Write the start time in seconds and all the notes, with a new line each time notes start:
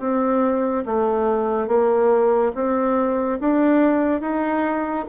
0.00 C4
0.86 A3
1.68 A#3
2.55 C4
3.40 D4
4.21 D#4